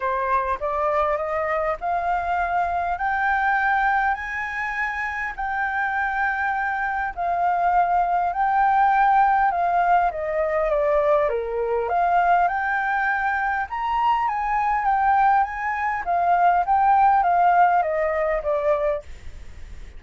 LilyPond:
\new Staff \with { instrumentName = "flute" } { \time 4/4 \tempo 4 = 101 c''4 d''4 dis''4 f''4~ | f''4 g''2 gis''4~ | gis''4 g''2. | f''2 g''2 |
f''4 dis''4 d''4 ais'4 | f''4 g''2 ais''4 | gis''4 g''4 gis''4 f''4 | g''4 f''4 dis''4 d''4 | }